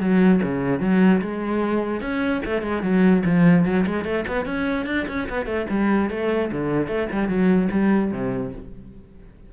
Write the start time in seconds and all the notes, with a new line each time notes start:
0.00 F#3
0.43 C#3
0.80 F#3
1.21 G#3
2.01 C#4
2.45 A3
2.62 G#3
2.82 F#3
3.25 F3
3.65 F#3
3.86 G#3
4.04 A3
4.28 B3
4.45 C#4
4.86 D4
5.08 C#4
5.29 B3
5.46 A3
5.69 G3
6.10 A3
6.51 D3
6.87 A3
7.12 G3
7.28 F#3
7.71 G3
8.12 C3